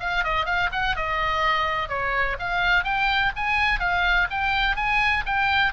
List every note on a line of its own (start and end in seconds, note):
0.00 0.24 F5
0.24 0.45 D#5
0.45 0.69 F5
0.72 0.96 F#5
0.96 1.89 D#5
1.89 2.37 C#5
2.39 2.84 F5
2.84 3.32 G5
3.36 3.80 G#5
3.80 4.28 F5
4.30 4.76 G5
4.76 5.24 G#5
5.26 5.73 G5